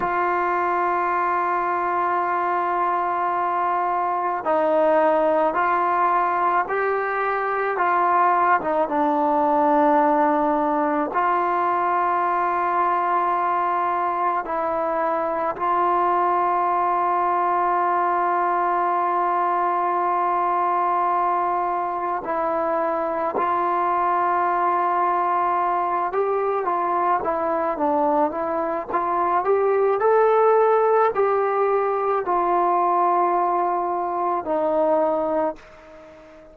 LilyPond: \new Staff \with { instrumentName = "trombone" } { \time 4/4 \tempo 4 = 54 f'1 | dis'4 f'4 g'4 f'8. dis'16 | d'2 f'2~ | f'4 e'4 f'2~ |
f'1 | e'4 f'2~ f'8 g'8 | f'8 e'8 d'8 e'8 f'8 g'8 a'4 | g'4 f'2 dis'4 | }